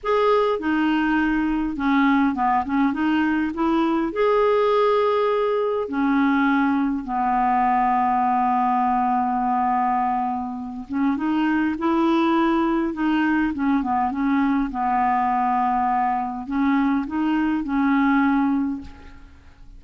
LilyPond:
\new Staff \with { instrumentName = "clarinet" } { \time 4/4 \tempo 4 = 102 gis'4 dis'2 cis'4 | b8 cis'8 dis'4 e'4 gis'4~ | gis'2 cis'2 | b1~ |
b2~ b8 cis'8 dis'4 | e'2 dis'4 cis'8 b8 | cis'4 b2. | cis'4 dis'4 cis'2 | }